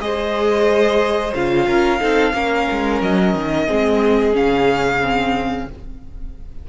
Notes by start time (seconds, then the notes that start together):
0.00 G#3 G#4 C5 D#5
1.35 C#3 F4 F5
1.67 C#4 A#4
2.00 C4 D#4 A4
2.34 A#3 C#4 A#4
2.72 G#3
3.02 F#3 D#5
3.35 D#3
3.67 G#3 C4 G#4
4.33 C#3 C#4 F5
5.02 C4